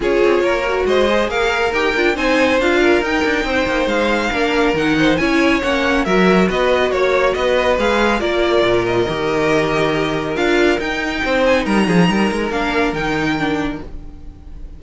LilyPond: <<
  \new Staff \with { instrumentName = "violin" } { \time 4/4 \tempo 4 = 139 cis''2 dis''4 f''4 | g''4 gis''4 f''4 g''4~ | g''4 f''2 fis''4 | gis''4 fis''4 e''4 dis''4 |
cis''4 dis''4 f''4 d''4~ | d''8 dis''2.~ dis''8 | f''4 g''4. gis''8 ais''4~ | ais''4 f''4 g''2 | }
  \new Staff \with { instrumentName = "violin" } { \time 4/4 gis'4 ais'4 c''4 ais'4~ | ais'4 c''4. ais'4. | c''2 ais'4. c''8 | cis''2 ais'4 b'4 |
cis''4 b'2 ais'4~ | ais'1~ | ais'2 c''4 ais'8 gis'8 | ais'1 | }
  \new Staff \with { instrumentName = "viola" } { \time 4/4 f'4. fis'4 gis'4. | g'8 f'8 dis'4 f'4 dis'4~ | dis'2 d'4 dis'4 | e'4 cis'4 fis'2~ |
fis'2 gis'4 f'4~ | f'4 g'2. | f'4 dis'2.~ | dis'4 d'4 dis'4 d'4 | }
  \new Staff \with { instrumentName = "cello" } { \time 4/4 cis'8 c'8 ais4 gis4 ais4 | dis'8 d'8 c'4 d'4 dis'8 d'8 | c'8 ais8 gis4 ais4 dis4 | cis'4 ais4 fis4 b4 |
ais4 b4 gis4 ais4 | ais,4 dis2. | d'4 dis'4 c'4 g8 f8 | g8 gis8 ais4 dis2 | }
>>